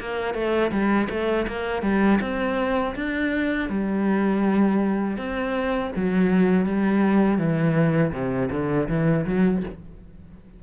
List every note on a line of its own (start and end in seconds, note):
0.00 0.34 A#3
0.34 0.71 A3
0.71 1.08 G3
1.10 1.47 A3
1.47 1.82 A#3
1.82 2.19 G3
2.21 2.95 C4
2.95 3.69 D4
3.69 5.17 G3
5.17 5.91 C4
5.96 6.65 F#3
6.65 7.38 G3
7.38 8.12 E3
8.12 8.49 C3
8.51 8.88 D3
8.88 9.25 E3
9.26 9.63 F#3